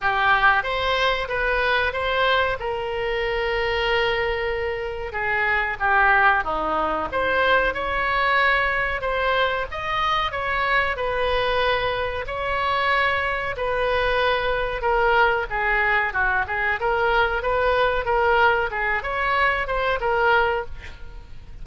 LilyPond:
\new Staff \with { instrumentName = "oboe" } { \time 4/4 \tempo 4 = 93 g'4 c''4 b'4 c''4 | ais'1 | gis'4 g'4 dis'4 c''4 | cis''2 c''4 dis''4 |
cis''4 b'2 cis''4~ | cis''4 b'2 ais'4 | gis'4 fis'8 gis'8 ais'4 b'4 | ais'4 gis'8 cis''4 c''8 ais'4 | }